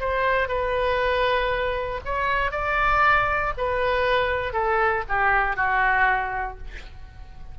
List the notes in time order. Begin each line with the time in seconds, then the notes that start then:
0.00 C5
0.49 B4
2.06 C#5
2.52 D5
3.58 B4
4.53 A4
5.09 G4
5.57 F#4